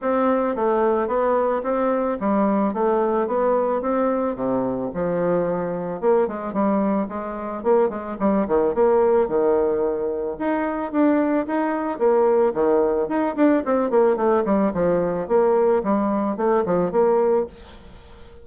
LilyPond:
\new Staff \with { instrumentName = "bassoon" } { \time 4/4 \tempo 4 = 110 c'4 a4 b4 c'4 | g4 a4 b4 c'4 | c4 f2 ais8 gis8 | g4 gis4 ais8 gis8 g8 dis8 |
ais4 dis2 dis'4 | d'4 dis'4 ais4 dis4 | dis'8 d'8 c'8 ais8 a8 g8 f4 | ais4 g4 a8 f8 ais4 | }